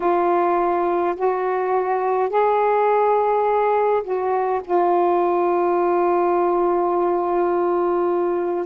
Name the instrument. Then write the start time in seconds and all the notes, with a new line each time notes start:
saxophone
0.00 F4
1.15 F#4
2.29 G#4
4.03 F#4
4.64 F4